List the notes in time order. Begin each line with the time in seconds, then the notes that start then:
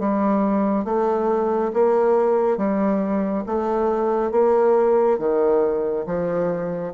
0.00 G3
0.85 A3
1.74 A#3
2.58 G3
3.47 A3
4.32 A#3
5.19 D#3
6.07 F3